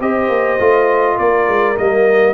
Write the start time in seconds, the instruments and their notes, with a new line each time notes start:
0.00 tuba C4, trombone G4, horn C5, trumpet D#5
0.28 tuba A#3
0.59 tuba A3, trombone F4
1.16 tuba A#3, horn A#4, trumpet D5
1.48 tuba G#3
1.76 tuba G3, trombone A#3, trumpet D#5